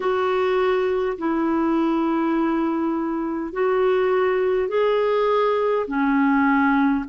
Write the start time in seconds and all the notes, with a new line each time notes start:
0.00 F#4
1.18 E4
3.52 F#4
4.68 G#4
5.87 C#4